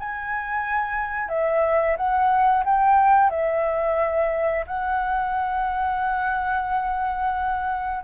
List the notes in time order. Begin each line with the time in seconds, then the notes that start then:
0.00 G#5
1.29 E5
1.97 F#5
2.65 G5
3.30 E5
4.67 F#5